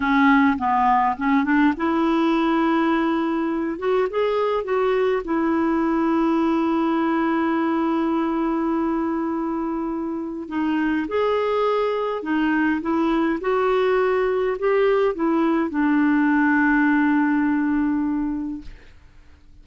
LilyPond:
\new Staff \with { instrumentName = "clarinet" } { \time 4/4 \tempo 4 = 103 cis'4 b4 cis'8 d'8 e'4~ | e'2~ e'8 fis'8 gis'4 | fis'4 e'2.~ | e'1~ |
e'2 dis'4 gis'4~ | gis'4 dis'4 e'4 fis'4~ | fis'4 g'4 e'4 d'4~ | d'1 | }